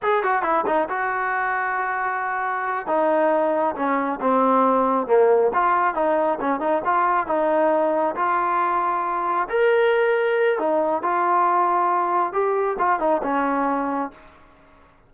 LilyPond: \new Staff \with { instrumentName = "trombone" } { \time 4/4 \tempo 4 = 136 gis'8 fis'8 e'8 dis'8 fis'2~ | fis'2~ fis'8 dis'4.~ | dis'8 cis'4 c'2 ais8~ | ais8 f'4 dis'4 cis'8 dis'8 f'8~ |
f'8 dis'2 f'4.~ | f'4. ais'2~ ais'8 | dis'4 f'2. | g'4 f'8 dis'8 cis'2 | }